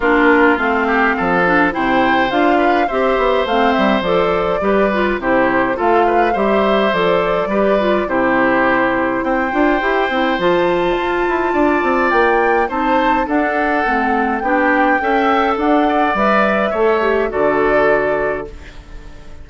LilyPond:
<<
  \new Staff \with { instrumentName = "flute" } { \time 4/4 \tempo 4 = 104 ais'4 f''2 g''4 | f''4 e''4 f''8 e''8 d''4~ | d''4 c''4 f''4 e''4 | d''2 c''2 |
g''2 a''2~ | a''4 g''4 a''4 fis''4~ | fis''4 g''2 fis''4 | e''2 d''2 | }
  \new Staff \with { instrumentName = "oboe" } { \time 4/4 f'4. g'8 a'4 c''4~ | c''8 b'8 c''2. | b'4 g'4 a'8 b'8 c''4~ | c''4 b'4 g'2 |
c''1 | d''2 c''4 a'4~ | a'4 g'4 e''4 d'8 d''8~ | d''4 cis''4 a'2 | }
  \new Staff \with { instrumentName = "clarinet" } { \time 4/4 d'4 c'4. d'8 e'4 | f'4 g'4 c'4 a'4 | g'8 f'8 e'4 f'4 g'4 | a'4 g'8 f'8 e'2~ |
e'8 f'8 g'8 e'8 f'2~ | f'2 dis'4 d'4 | c'4 d'4 a'2 | b'4 a'8 g'8 fis'2 | }
  \new Staff \with { instrumentName = "bassoon" } { \time 4/4 ais4 a4 f4 c4 | d'4 c'8 b8 a8 g8 f4 | g4 c4 a4 g4 | f4 g4 c2 |
c'8 d'8 e'8 c'8 f4 f'8 e'8 | d'8 c'8 ais4 c'4 d'4 | a4 b4 cis'4 d'4 | g4 a4 d2 | }
>>